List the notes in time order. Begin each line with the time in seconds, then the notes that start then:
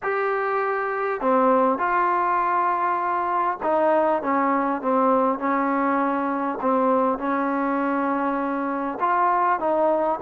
0.02 G4
1.20 C4
1.78 F4
3.62 D#4
4.22 C#4
4.81 C4
5.38 C#4
6.61 C4
7.18 C#4
9.00 F4
9.59 D#4